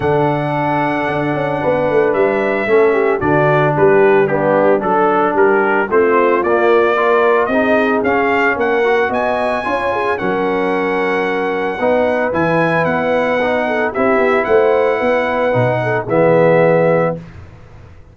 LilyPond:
<<
  \new Staff \with { instrumentName = "trumpet" } { \time 4/4 \tempo 4 = 112 fis''1 | e''2 d''4 b'4 | g'4 a'4 ais'4 c''4 | d''2 dis''4 f''4 |
fis''4 gis''2 fis''4~ | fis''2. gis''4 | fis''2 e''4 fis''4~ | fis''2 e''2 | }
  \new Staff \with { instrumentName = "horn" } { \time 4/4 a'2. b'4~ | b'4 a'8 g'8 fis'4 g'4 | d'4 a'4 g'4 f'4~ | f'4 ais'4 gis'2 |
ais'4 dis''4 cis''8 gis'8 ais'4~ | ais'2 b'2~ | b'4. a'8 g'4 c''4 | b'4. a'8 gis'2 | }
  \new Staff \with { instrumentName = "trombone" } { \time 4/4 d'1~ | d'4 cis'4 d'2 | b4 d'2 c'4 | ais4 f'4 dis'4 cis'4~ |
cis'8 fis'4. f'4 cis'4~ | cis'2 dis'4 e'4~ | e'4 dis'4 e'2~ | e'4 dis'4 b2 | }
  \new Staff \with { instrumentName = "tuba" } { \time 4/4 d2 d'8 cis'8 b8 a8 | g4 a4 d4 g4~ | g4 fis4 g4 a4 | ais2 c'4 cis'4 |
ais4 b4 cis'4 fis4~ | fis2 b4 e4 | b2 c'8 b8 a4 | b4 b,4 e2 | }
>>